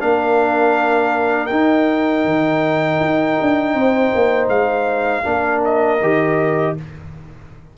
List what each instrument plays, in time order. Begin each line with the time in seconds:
0.00 tuba A#3, trombone D4, horn A#4, trumpet F5
1.46 tuba D#4, trombone D#4, trumpet G5
2.25 tuba D#3
3.00 tuba D#4
3.41 tuba D4
3.74 tuba C4, horn C5
4.15 tuba A#3
4.48 tuba G#3, trumpet F5
5.24 tuba A#3, trombone D4, horn A#4
5.65 trumpet D#5
6.01 tuba D#3, trombone G4